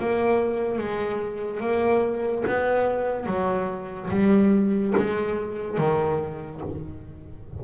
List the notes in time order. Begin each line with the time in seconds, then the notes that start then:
0.00 A#3
0.78 G#3
1.61 A#3
2.48 B3
3.27 F#3
4.11 G3
4.98 G#3
5.78 D#3